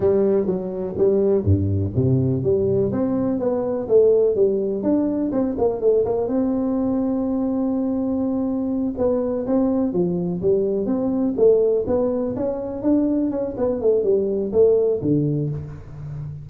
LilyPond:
\new Staff \with { instrumentName = "tuba" } { \time 4/4 \tempo 4 = 124 g4 fis4 g4 g,4 | c4 g4 c'4 b4 | a4 g4 d'4 c'8 ais8 | a8 ais8 c'2.~ |
c'2~ c'8 b4 c'8~ | c'8 f4 g4 c'4 a8~ | a8 b4 cis'4 d'4 cis'8 | b8 a8 g4 a4 d4 | }